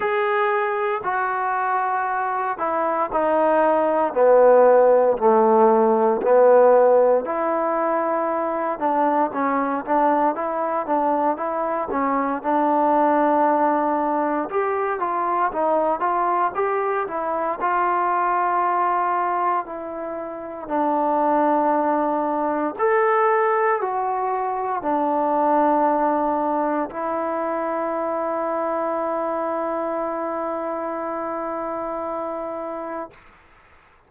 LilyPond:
\new Staff \with { instrumentName = "trombone" } { \time 4/4 \tempo 4 = 58 gis'4 fis'4. e'8 dis'4 | b4 a4 b4 e'4~ | e'8 d'8 cis'8 d'8 e'8 d'8 e'8 cis'8 | d'2 g'8 f'8 dis'8 f'8 |
g'8 e'8 f'2 e'4 | d'2 a'4 fis'4 | d'2 e'2~ | e'1 | }